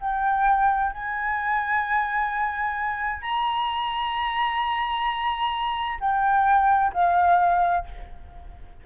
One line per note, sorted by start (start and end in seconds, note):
0.00 0.92 G5
0.92 3.22 G#5
3.22 5.99 A#5
6.00 6.92 G5
6.93 7.85 F5